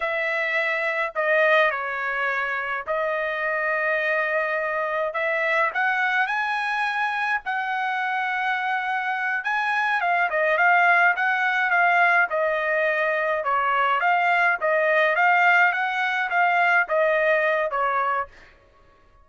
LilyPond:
\new Staff \with { instrumentName = "trumpet" } { \time 4/4 \tempo 4 = 105 e''2 dis''4 cis''4~ | cis''4 dis''2.~ | dis''4 e''4 fis''4 gis''4~ | gis''4 fis''2.~ |
fis''8 gis''4 f''8 dis''8 f''4 fis''8~ | fis''8 f''4 dis''2 cis''8~ | cis''8 f''4 dis''4 f''4 fis''8~ | fis''8 f''4 dis''4. cis''4 | }